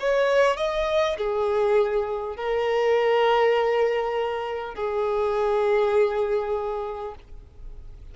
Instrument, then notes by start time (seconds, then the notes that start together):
violin
0.00 C#5
0.57 D#5
1.18 G#4
2.37 A#4
4.75 G#4